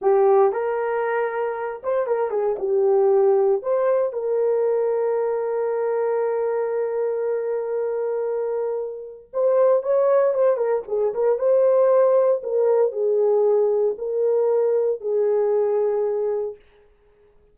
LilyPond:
\new Staff \with { instrumentName = "horn" } { \time 4/4 \tempo 4 = 116 g'4 ais'2~ ais'8 c''8 | ais'8 gis'8 g'2 c''4 | ais'1~ | ais'1~ |
ais'2 c''4 cis''4 | c''8 ais'8 gis'8 ais'8 c''2 | ais'4 gis'2 ais'4~ | ais'4 gis'2. | }